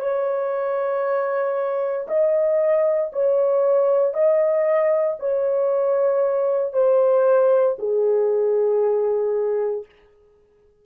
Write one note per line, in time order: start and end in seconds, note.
0.00 2.07 C#5
2.08 3.12 D#5
3.13 4.14 C#5
4.14 5.18 D#5
5.20 6.74 C#5
6.74 7.77 C5
7.79 9.86 G#4